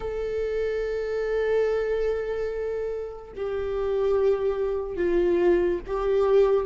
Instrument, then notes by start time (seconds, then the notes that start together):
viola
0.00 A4
3.35 G4
4.96 F4
5.86 G4